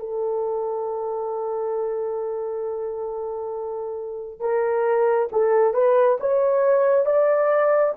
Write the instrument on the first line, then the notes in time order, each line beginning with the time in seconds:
horn
0.00 A4
4.40 A#4
5.32 A4
5.74 B4
6.20 C#5
7.06 D5